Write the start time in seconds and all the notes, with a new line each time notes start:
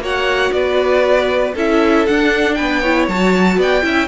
0.00 A#3 F#4 C#5 F#5
0.53 B3 B4 D5
1.55 C#4 E4 A4 E5
2.07 D4 F#5
2.55 B3 B4 G5
2.81 E4 C#5
3.08 F#3 F#4 A5
3.57 B3 D5 G5
3.83 C#4 E4 E5